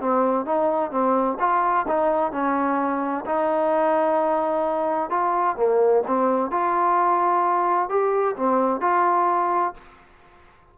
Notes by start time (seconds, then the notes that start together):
0.00 C4
0.45 D#4
0.91 C4
1.39 F4
1.87 D#4
2.31 C#4
3.25 D#4
5.10 F4
5.56 A#3
6.07 C4
6.50 F4
7.89 G4
8.36 C4
8.81 F4